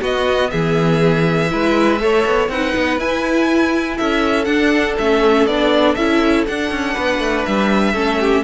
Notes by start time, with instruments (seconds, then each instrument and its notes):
0.00 viola B3, cello B3, violin F#4 D#5
0.50 cello E3, violin G#4 E5
1.49 cello G#3, viola E4, violin B4
2.00 cello A3, viola A4, violin C#5
2.26 cello B3
2.49 cello C4, viola D#4, violin B4 F#5
2.76 cello B3
2.99 cello E4, viola E4, violin G#5
3.97 cello C#4, violin A4 E5
4.45 viola D4, cello D4, violin F#5
4.98 cello A3, viola C#4, violin E5
5.47 cello B3, viola D4, violin D5
5.95 cello C#4, viola E4, violin E5
6.47 viola D4, cello D4, violin F#5
6.71 cello C#4
6.94 cello B3, violin B4
7.19 cello A3
7.45 cello G3, violin E5
7.93 cello A3, viola C#4, violin A4
8.20 violin G4